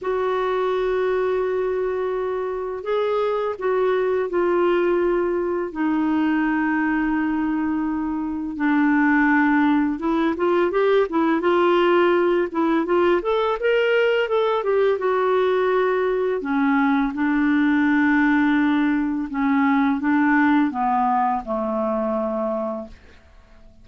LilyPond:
\new Staff \with { instrumentName = "clarinet" } { \time 4/4 \tempo 4 = 84 fis'1 | gis'4 fis'4 f'2 | dis'1 | d'2 e'8 f'8 g'8 e'8 |
f'4. e'8 f'8 a'8 ais'4 | a'8 g'8 fis'2 cis'4 | d'2. cis'4 | d'4 b4 a2 | }